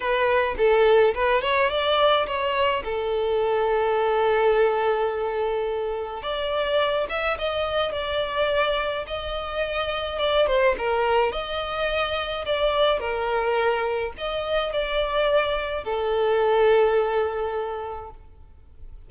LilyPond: \new Staff \with { instrumentName = "violin" } { \time 4/4 \tempo 4 = 106 b'4 a'4 b'8 cis''8 d''4 | cis''4 a'2.~ | a'2. d''4~ | d''8 e''8 dis''4 d''2 |
dis''2 d''8 c''8 ais'4 | dis''2 d''4 ais'4~ | ais'4 dis''4 d''2 | a'1 | }